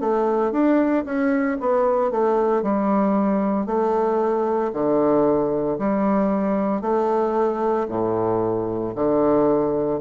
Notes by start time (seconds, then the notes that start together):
0.00 A3
0.51 D4
1.04 C#4
1.60 B3
2.11 A3
2.62 G3
3.66 A3
4.73 D3
5.78 G3
6.81 A3
7.88 A2
8.95 D3